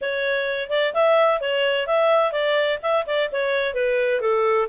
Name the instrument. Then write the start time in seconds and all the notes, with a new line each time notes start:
clarinet
0.01 C#5
0.70 D5
0.94 E5
1.40 C#5
1.86 E5
2.32 D5
2.82 E5
3.06 D5
3.32 C#5
3.74 B4
4.20 A4